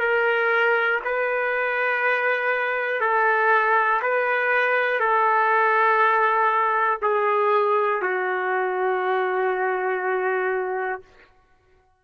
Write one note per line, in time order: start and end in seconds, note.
0.00 1.00 A#4
1.05 3.01 B4
3.01 4.01 A4
4.02 5.00 B4
5.00 7.00 A4
7.02 8.02 G#4
8.02 11.02 F#4